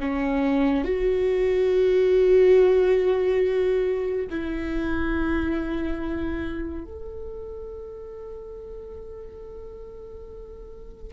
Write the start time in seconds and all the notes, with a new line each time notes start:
0.00 C#4
0.85 F#4
4.30 E4
6.85 A4